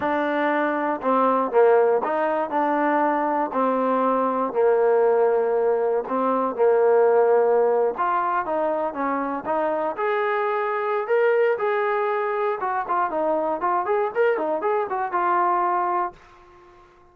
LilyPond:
\new Staff \with { instrumentName = "trombone" } { \time 4/4 \tempo 4 = 119 d'2 c'4 ais4 | dis'4 d'2 c'4~ | c'4 ais2. | c'4 ais2~ ais8. f'16~ |
f'8. dis'4 cis'4 dis'4 gis'16~ | gis'2 ais'4 gis'4~ | gis'4 fis'8 f'8 dis'4 f'8 gis'8 | ais'8 dis'8 gis'8 fis'8 f'2 | }